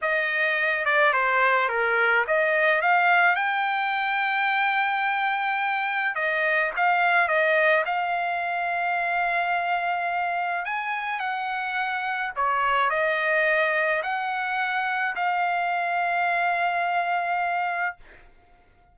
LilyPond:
\new Staff \with { instrumentName = "trumpet" } { \time 4/4 \tempo 4 = 107 dis''4. d''8 c''4 ais'4 | dis''4 f''4 g''2~ | g''2. dis''4 | f''4 dis''4 f''2~ |
f''2. gis''4 | fis''2 cis''4 dis''4~ | dis''4 fis''2 f''4~ | f''1 | }